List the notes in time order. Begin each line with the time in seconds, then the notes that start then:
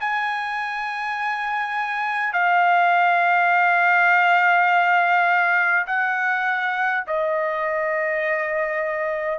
0.00 G#5
2.33 F5
5.87 F#5
7.07 D#5